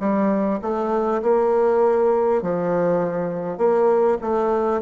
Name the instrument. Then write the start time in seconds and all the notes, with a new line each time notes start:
bassoon
0.00 G3
0.62 A3
1.23 A#3
2.43 F3
3.58 A#3
4.22 A3